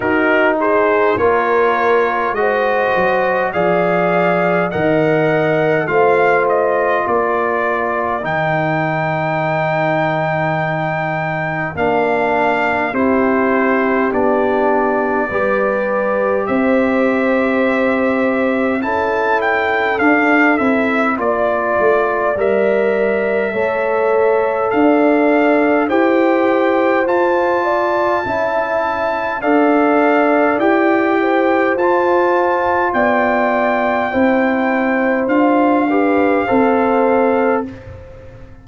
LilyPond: <<
  \new Staff \with { instrumentName = "trumpet" } { \time 4/4 \tempo 4 = 51 ais'8 c''8 cis''4 dis''4 f''4 | fis''4 f''8 dis''8 d''4 g''4~ | g''2 f''4 c''4 | d''2 e''2 |
a''8 g''8 f''8 e''8 d''4 e''4~ | e''4 f''4 g''4 a''4~ | a''4 f''4 g''4 a''4 | g''2 f''2 | }
  \new Staff \with { instrumentName = "horn" } { \time 4/4 fis'8 gis'8 ais'4 c''4 d''4 | dis''4 c''4 ais'2~ | ais'2. g'4~ | g'4 b'4 c''2 |
a'2 d''2 | cis''4 d''4 c''4. d''8 | e''4 d''4. c''4. | d''4 c''4. b'8 c''4 | }
  \new Staff \with { instrumentName = "trombone" } { \time 4/4 dis'4 f'4 fis'4 gis'4 | ais'4 f'2 dis'4~ | dis'2 d'4 e'4 | d'4 g'2. |
e'4 d'8 e'8 f'4 ais'4 | a'2 g'4 f'4 | e'4 a'4 g'4 f'4~ | f'4 e'4 f'8 g'8 a'4 | }
  \new Staff \with { instrumentName = "tuba" } { \time 4/4 dis'4 ais4 gis8 fis8 f4 | dis4 a4 ais4 dis4~ | dis2 ais4 c'4 | b4 g4 c'2 |
cis'4 d'8 c'8 ais8 a8 g4 | a4 d'4 e'4 f'4 | cis'4 d'4 e'4 f'4 | b4 c'4 d'4 c'4 | }
>>